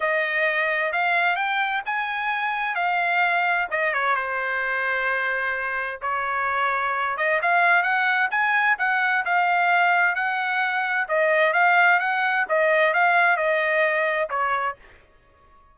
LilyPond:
\new Staff \with { instrumentName = "trumpet" } { \time 4/4 \tempo 4 = 130 dis''2 f''4 g''4 | gis''2 f''2 | dis''8 cis''8 c''2.~ | c''4 cis''2~ cis''8 dis''8 |
f''4 fis''4 gis''4 fis''4 | f''2 fis''2 | dis''4 f''4 fis''4 dis''4 | f''4 dis''2 cis''4 | }